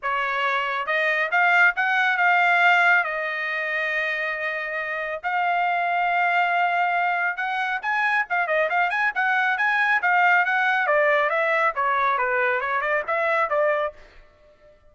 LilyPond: \new Staff \with { instrumentName = "trumpet" } { \time 4/4 \tempo 4 = 138 cis''2 dis''4 f''4 | fis''4 f''2 dis''4~ | dis''1 | f''1~ |
f''4 fis''4 gis''4 f''8 dis''8 | f''8 gis''8 fis''4 gis''4 f''4 | fis''4 d''4 e''4 cis''4 | b'4 cis''8 d''8 e''4 d''4 | }